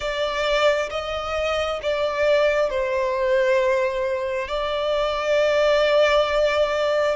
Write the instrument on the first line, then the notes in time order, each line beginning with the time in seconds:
violin
0.00 D5
0.90 D#5
1.82 D5
2.70 C5
4.48 D5